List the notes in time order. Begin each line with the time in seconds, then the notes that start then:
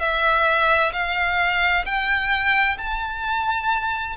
0.00 E5
0.93 F5
1.85 G5
2.78 A5